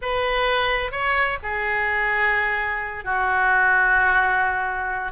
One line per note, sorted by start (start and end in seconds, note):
0.01 0.91 B4
0.91 1.38 C#5
1.42 3.04 G#4
3.04 5.12 F#4